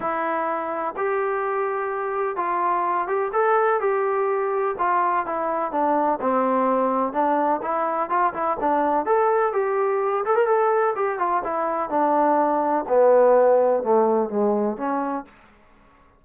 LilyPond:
\new Staff \with { instrumentName = "trombone" } { \time 4/4 \tempo 4 = 126 e'2 g'2~ | g'4 f'4. g'8 a'4 | g'2 f'4 e'4 | d'4 c'2 d'4 |
e'4 f'8 e'8 d'4 a'4 | g'4. a'16 ais'16 a'4 g'8 f'8 | e'4 d'2 b4~ | b4 a4 gis4 cis'4 | }